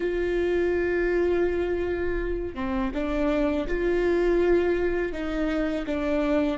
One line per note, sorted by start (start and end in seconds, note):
0.00 2.54 F4
2.54 2.91 C4
2.94 3.67 D4
3.68 5.12 F4
5.12 5.85 D#4
5.86 6.58 D4